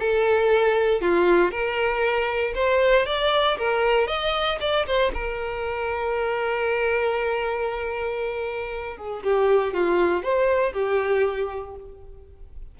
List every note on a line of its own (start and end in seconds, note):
0.00 1.01 A4
1.01 1.52 F4
1.52 2.54 A#4
2.55 3.06 C5
3.07 3.58 D5
3.59 4.08 A#4
4.08 4.59 D#5
4.61 4.86 D5
4.87 5.13 C5
5.14 8.97 A#4
8.97 9.23 G#4
9.24 9.74 G4
9.74 10.24 F4
10.24 10.73 C5
10.73 11.76 G4